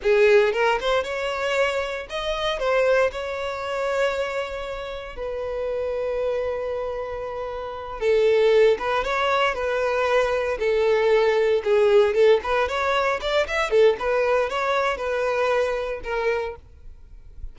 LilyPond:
\new Staff \with { instrumentName = "violin" } { \time 4/4 \tempo 4 = 116 gis'4 ais'8 c''8 cis''2 | dis''4 c''4 cis''2~ | cis''2 b'2~ | b'2.~ b'8 a'8~ |
a'4 b'8 cis''4 b'4.~ | b'8 a'2 gis'4 a'8 | b'8 cis''4 d''8 e''8 a'8 b'4 | cis''4 b'2 ais'4 | }